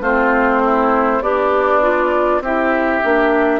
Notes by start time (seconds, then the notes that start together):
0.00 A3 C4 F4 C5
0.64 E4
1.21 B3 D4 G4 D5
1.81 F4
2.40 C4 E4 G4 E5
3.02 A#3 D4